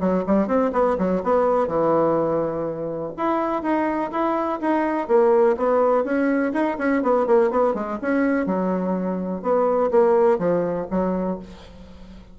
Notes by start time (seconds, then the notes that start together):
0.00 F#3
0.27 G3
0.47 C4
0.72 B3
0.98 F#3
1.23 B3
1.67 E3
3.16 E4
3.62 D#4
4.11 E4
4.61 D#4
5.07 A#3
5.57 B3
6.04 C#4
6.53 D#4
6.78 C#4
7.02 B3
7.26 A#3
7.50 B3
7.74 G#3
8.01 C#4
8.46 F#3
9.42 B3
9.91 A#3
10.38 F3
10.90 F#3